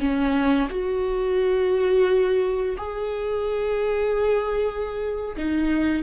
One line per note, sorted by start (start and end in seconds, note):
0.00 0.69 C#4
0.70 2.76 F#4
2.77 5.36 G#4
5.37 6.03 D#4